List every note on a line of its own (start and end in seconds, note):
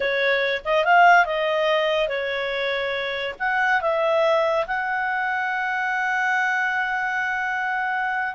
0.00 0.61 C#5
0.64 0.84 D#5
0.84 1.25 F5
1.25 2.08 D#5
2.08 3.35 C#5
3.39 3.81 F#5
3.81 4.66 E5
4.67 8.35 F#5